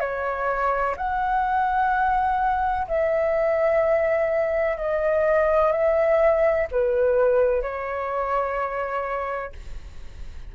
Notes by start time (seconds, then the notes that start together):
0.00 C#5
0.97 F#5
2.87 E5
4.77 D#5
5.72 E5
6.71 B4
7.62 C#5